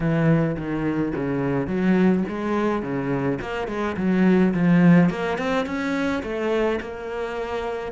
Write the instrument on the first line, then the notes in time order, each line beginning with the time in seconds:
cello
0.00 E3
0.56 D#3
1.15 C#3
1.67 F#3
2.28 G#3
2.82 C#3
3.41 A#3
3.67 G#3
3.96 F#3
4.54 F3
5.09 A#3
5.38 C4
5.66 C#4
6.22 A3
6.81 A#3